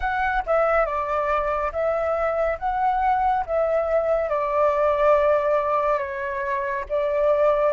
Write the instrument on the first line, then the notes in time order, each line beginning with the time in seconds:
flute
0.00 F#5
0.46 E5
0.85 D5
1.72 E5
2.59 F#5
3.46 E5
4.29 D5
5.98 C#5
6.89 D5